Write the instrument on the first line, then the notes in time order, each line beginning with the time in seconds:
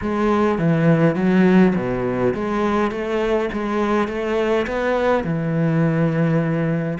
cello
0.01 G#3
0.58 E3
1.15 F#3
1.75 B2
2.34 G#3
2.91 A3
3.52 G#3
4.08 A3
4.66 B3
5.23 E3